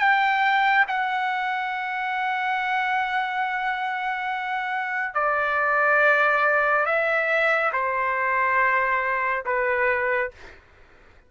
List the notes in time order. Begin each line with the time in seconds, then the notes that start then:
0.00 G5
0.88 F#5
5.15 D5
6.86 E5
7.73 C5
9.46 B4